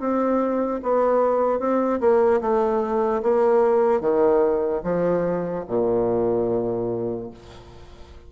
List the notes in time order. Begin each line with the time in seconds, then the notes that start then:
0.00 C4
0.83 B3
1.60 C4
2.00 A#3
2.41 A3
3.23 A#3
4.01 D#3
4.84 F3
5.68 A#2